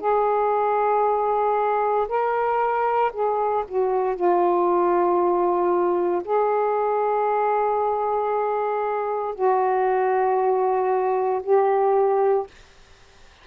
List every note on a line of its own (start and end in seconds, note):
0.00 2.07 G#4
2.08 3.12 A#4
3.13 3.64 G#4
3.68 4.15 F#4
4.15 6.22 F4
6.24 9.35 G#4
9.35 11.42 F#4
11.43 12.47 G4